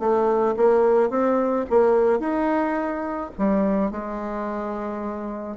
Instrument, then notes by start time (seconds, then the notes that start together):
bassoon
0.00 A3
0.57 A#3
1.10 C4
1.70 A#3
2.20 D#4
3.39 G3
3.91 G#3